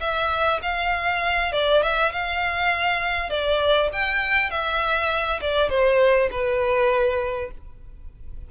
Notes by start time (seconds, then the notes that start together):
0.00 E5
0.62 F5
1.52 D5
1.82 E5
2.12 F5
3.29 D5
3.92 G5
4.50 E5
5.41 D5
5.69 C5
6.31 B4